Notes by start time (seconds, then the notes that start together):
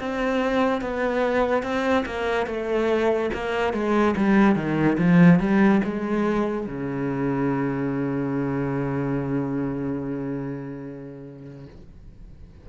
0.00 C4
0.81 B3
1.63 C4
2.06 A#3
2.47 A3
3.34 A#3
3.73 G#3
4.17 G3
4.56 D#3
4.98 F3
5.40 G3
5.84 G#3
6.67 C#3